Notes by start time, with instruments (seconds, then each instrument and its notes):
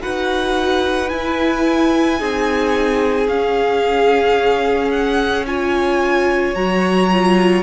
0.00 cello D#4, viola F#4, violin B4 F#5
1.10 viola E4, cello E4, violin G#5
2.19 cello C4, viola D#4, violin G#4
3.28 cello C#4, viola C#4, violin F5
4.91 violin F#5
5.47 viola F4, violin C#5 G#5
6.55 cello F#3, viola F#4, violin A#5
7.13 viola F4